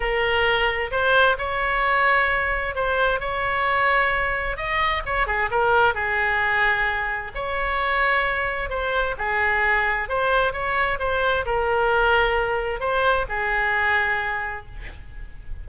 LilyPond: \new Staff \with { instrumentName = "oboe" } { \time 4/4 \tempo 4 = 131 ais'2 c''4 cis''4~ | cis''2 c''4 cis''4~ | cis''2 dis''4 cis''8 gis'8 | ais'4 gis'2. |
cis''2. c''4 | gis'2 c''4 cis''4 | c''4 ais'2. | c''4 gis'2. | }